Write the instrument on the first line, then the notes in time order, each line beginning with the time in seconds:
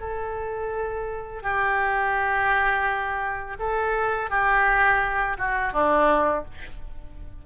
oboe
0.00 A4
1.42 G4
3.59 A4
4.30 G4
5.38 F#4
5.73 D4